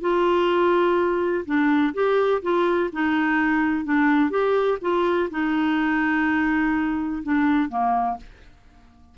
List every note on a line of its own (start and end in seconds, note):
0.00 1.44 F4
1.45 1.93 D4
1.94 2.42 G4
2.42 2.90 F4
2.92 3.84 D#4
3.84 4.30 D4
4.30 4.78 G4
4.81 5.29 F4
5.30 7.22 D#4
7.23 7.69 D4
7.69 8.17 A#3